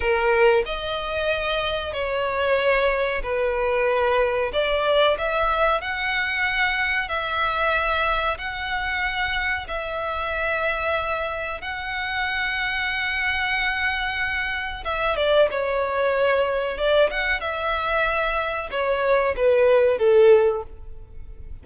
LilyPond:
\new Staff \with { instrumentName = "violin" } { \time 4/4 \tempo 4 = 93 ais'4 dis''2 cis''4~ | cis''4 b'2 d''4 | e''4 fis''2 e''4~ | e''4 fis''2 e''4~ |
e''2 fis''2~ | fis''2. e''8 d''8 | cis''2 d''8 fis''8 e''4~ | e''4 cis''4 b'4 a'4 | }